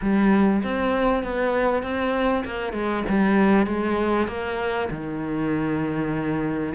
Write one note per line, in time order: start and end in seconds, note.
0.01 0.62 G3
0.63 1.23 C4
1.23 1.82 B3
1.82 2.44 C4
2.44 2.72 A#3
2.72 3.03 G#3
3.09 3.66 G3
3.66 4.27 G#3
4.27 4.88 A#3
4.90 6.73 D#3